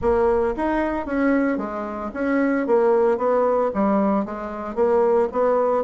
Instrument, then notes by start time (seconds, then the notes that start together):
bassoon
0.01 A#3
0.56 D#4
1.05 C#4
1.57 G#3
2.13 C#4
2.67 A#3
3.17 B3
3.74 G3
4.25 G#3
4.75 A#3
5.32 B3